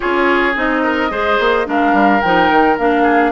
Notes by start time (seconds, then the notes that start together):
0.00 C#4 F4 G#4 C#5
0.55 C4 D#4 D#5
0.83 A#4
1.10 G#3 G#4 C5
1.39 A#3
1.65 G#3 D4 A#4 F5
1.92 G3
2.21 F3 D#4 G5
2.50 D#3
2.78 A#3 D4 F5
3.03 G#4